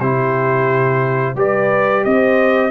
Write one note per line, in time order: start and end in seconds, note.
0.00 1.36 C3
0.00 1.36 E4
0.00 1.36 G4
0.00 1.37 C5
1.36 2.04 G3
1.36 2.71 G4
1.36 2.05 B4
1.36 2.05 D5
2.05 2.71 C4
2.05 2.71 C5
2.05 2.71 D#5